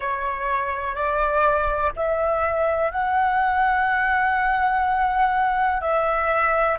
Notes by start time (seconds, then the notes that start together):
0.00 C#5
0.95 D5
1.96 E5
2.91 F#5
5.81 E5